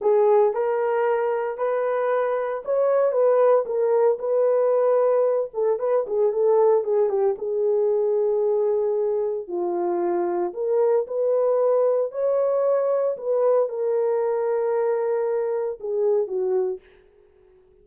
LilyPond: \new Staff \with { instrumentName = "horn" } { \time 4/4 \tempo 4 = 114 gis'4 ais'2 b'4~ | b'4 cis''4 b'4 ais'4 | b'2~ b'8 a'8 b'8 gis'8 | a'4 gis'8 g'8 gis'2~ |
gis'2 f'2 | ais'4 b'2 cis''4~ | cis''4 b'4 ais'2~ | ais'2 gis'4 fis'4 | }